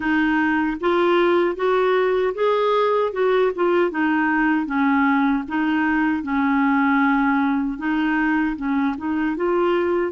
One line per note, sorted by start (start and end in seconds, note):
0.00 0.77 D#4
0.80 1.55 F4
1.55 2.33 F#4
2.34 3.12 G#4
3.12 3.51 F#4
3.55 3.90 F4
3.90 4.65 D#4
4.65 5.43 C#4
5.48 6.23 D#4
6.23 7.78 C#4
7.78 8.56 D#4
8.56 8.95 C#4
8.97 9.36 D#4
9.36 10.12 F4